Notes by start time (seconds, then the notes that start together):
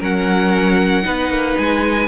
0.00 F#3 C#4 A#4 F#5
1.03 B3 D#4 B4
1.30 A#3
1.57 G#3 G#5